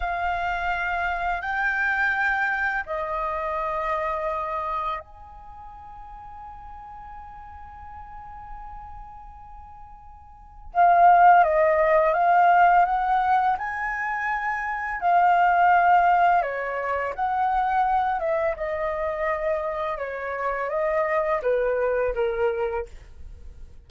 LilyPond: \new Staff \with { instrumentName = "flute" } { \time 4/4 \tempo 4 = 84 f''2 g''2 | dis''2. gis''4~ | gis''1~ | gis''2. f''4 |
dis''4 f''4 fis''4 gis''4~ | gis''4 f''2 cis''4 | fis''4. e''8 dis''2 | cis''4 dis''4 b'4 ais'4 | }